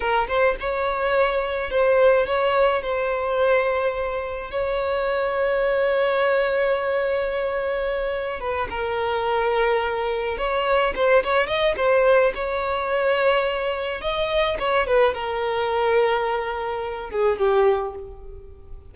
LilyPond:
\new Staff \with { instrumentName = "violin" } { \time 4/4 \tempo 4 = 107 ais'8 c''8 cis''2 c''4 | cis''4 c''2. | cis''1~ | cis''2. b'8 ais'8~ |
ais'2~ ais'8 cis''4 c''8 | cis''8 dis''8 c''4 cis''2~ | cis''4 dis''4 cis''8 b'8 ais'4~ | ais'2~ ais'8 gis'8 g'4 | }